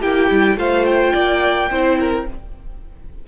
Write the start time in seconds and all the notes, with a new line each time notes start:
0.00 A#3 E4 G4 G5
0.30 G3
0.56 A3 F4 C5 F5
0.86 G5
1.13 A#3 D5
1.70 C4 E4 C5
2.00 A#4